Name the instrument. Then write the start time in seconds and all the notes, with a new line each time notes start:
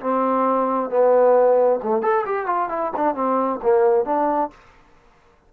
trombone
0.00 C4
0.90 B3
1.83 A3
2.02 A4
2.26 G4
2.46 F4
2.69 E4
2.97 D4
3.15 C4
3.62 A#3
4.05 D4